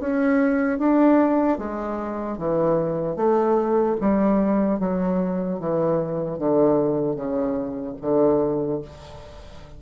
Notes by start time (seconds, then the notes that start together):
0.00 C#4
0.79 D4
1.58 G#3
2.38 E3
3.16 A3
4.00 G3
4.79 F#3
5.59 E3
6.39 D3
7.16 C#3
8.01 D3